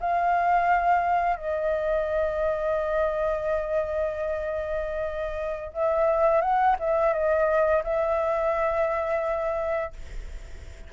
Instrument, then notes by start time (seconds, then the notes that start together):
flute
0.00 F5
1.36 D#5
5.73 E5
6.41 F#5
6.79 E5
7.13 D#5
7.84 E5